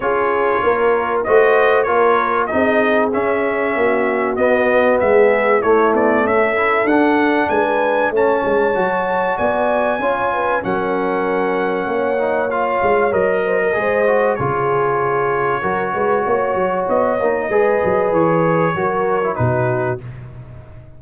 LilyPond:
<<
  \new Staff \with { instrumentName = "trumpet" } { \time 4/4 \tempo 4 = 96 cis''2 dis''4 cis''4 | dis''4 e''2 dis''4 | e''4 cis''8 d''8 e''4 fis''4 | gis''4 a''2 gis''4~ |
gis''4 fis''2. | f''4 dis''2 cis''4~ | cis''2. dis''4~ | dis''4 cis''2 b'4 | }
  \new Staff \with { instrumentName = "horn" } { \time 4/4 gis'4 ais'4 c''4 ais'4 | gis'2 fis'2 | gis'4 e'4 a'2 | b'4 cis''2 d''4 |
cis''8 b'8 ais'2 cis''4~ | cis''4. c''16 ais'16 c''4 gis'4~ | gis'4 ais'8 b'8 cis''2 | b'2 ais'4 fis'4 | }
  \new Staff \with { instrumentName = "trombone" } { \time 4/4 f'2 fis'4 f'4 | dis'4 cis'2 b4~ | b4 a4. e'8 d'4~ | d'4 cis'4 fis'2 |
f'4 cis'2~ cis'8 dis'8 | f'4 ais'4 gis'8 fis'8 f'4~ | f'4 fis'2~ fis'8 dis'8 | gis'2 fis'8. e'16 dis'4 | }
  \new Staff \with { instrumentName = "tuba" } { \time 4/4 cis'4 ais4 a4 ais4 | c'4 cis'4 ais4 b4 | gis4 a8 b8 cis'4 d'4 | gis4 a8 gis8 fis4 b4 |
cis'4 fis2 ais4~ | ais8 gis8 fis4 gis4 cis4~ | cis4 fis8 gis8 ais8 fis8 b8 ais8 | gis8 fis8 e4 fis4 b,4 | }
>>